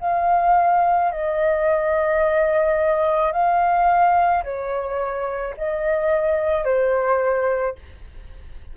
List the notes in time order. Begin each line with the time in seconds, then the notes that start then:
0.00 F5
1.11 D#5
3.32 F5
4.43 C#5
5.57 D#5
6.64 C5